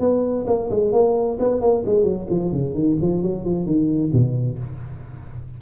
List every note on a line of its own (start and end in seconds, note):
0.00 0.46 B3
0.47 0.70 A#3
0.71 0.92 G#3
0.92 1.38 A#3
1.39 1.61 B3
1.61 1.84 A#3
1.86 2.04 G#3
2.04 2.27 F#3
2.30 2.53 F3
2.53 2.74 C#3
2.74 2.97 D#3
3.02 3.23 F3
3.23 3.45 F#3
3.45 3.66 F3
3.66 4.12 D#3
4.13 4.59 B2